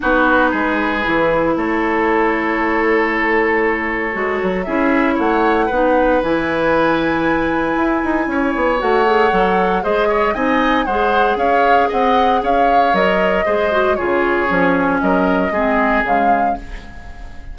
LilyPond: <<
  \new Staff \with { instrumentName = "flute" } { \time 4/4 \tempo 4 = 116 b'2. cis''4~ | cis''1~ | cis''4 e''4 fis''2 | gis''1~ |
gis''4 fis''2 dis''4 | gis''4 fis''4 f''4 fis''4 | f''4 dis''2 cis''4~ | cis''4 dis''2 f''4 | }
  \new Staff \with { instrumentName = "oboe" } { \time 4/4 fis'4 gis'2 a'4~ | a'1~ | a'4 gis'4 cis''4 b'4~ | b'1 |
cis''2. c''8 cis''8 | dis''4 c''4 cis''4 dis''4 | cis''2 c''4 gis'4~ | gis'4 ais'4 gis'2 | }
  \new Staff \with { instrumentName = "clarinet" } { \time 4/4 dis'2 e'2~ | e'1 | fis'4 e'2 dis'4 | e'1~ |
e'4 fis'8 gis'8 a'4 gis'4 | dis'4 gis'2.~ | gis'4 ais'4 gis'8 fis'8 f'4 | cis'2 c'4 gis4 | }
  \new Staff \with { instrumentName = "bassoon" } { \time 4/4 b4 gis4 e4 a4~ | a1 | gis8 fis8 cis'4 a4 b4 | e2. e'8 dis'8 |
cis'8 b8 a4 fis4 gis4 | c'4 gis4 cis'4 c'4 | cis'4 fis4 gis4 cis4 | f4 fis4 gis4 cis4 | }
>>